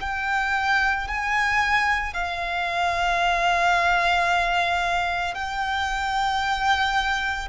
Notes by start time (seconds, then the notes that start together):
0.00 G5
1.07 G#5
2.13 F5
5.34 G5